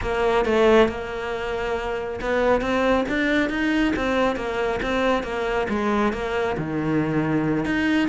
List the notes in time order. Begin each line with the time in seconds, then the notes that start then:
0.01 A#3
0.45 A3
0.88 A#3
2.21 B3
2.61 C4
3.09 D4
3.49 D#4
3.96 C4
4.36 A#3
4.82 C4
5.23 A#3
5.69 G#3
6.12 A#3
6.57 D#3
7.65 D#4